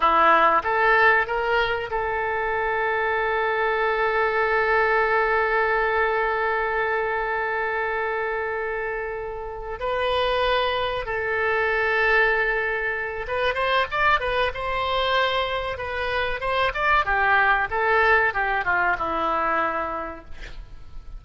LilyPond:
\new Staff \with { instrumentName = "oboe" } { \time 4/4 \tempo 4 = 95 e'4 a'4 ais'4 a'4~ | a'1~ | a'1~ | a'2.~ a'8 b'8~ |
b'4. a'2~ a'8~ | a'4 b'8 c''8 d''8 b'8 c''4~ | c''4 b'4 c''8 d''8 g'4 | a'4 g'8 f'8 e'2 | }